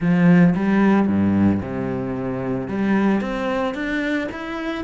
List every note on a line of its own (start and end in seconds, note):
0.00 0.54 F3
0.55 1.07 G3
1.07 1.60 G2
1.61 2.68 C3
2.68 3.20 G3
3.20 3.74 C4
3.74 4.28 D4
4.31 4.84 E4